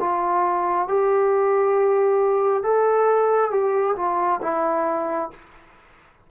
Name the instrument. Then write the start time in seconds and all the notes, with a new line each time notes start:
trombone
0.00 F4
0.88 G4
2.63 A4
3.51 G4
3.96 F4
4.42 E4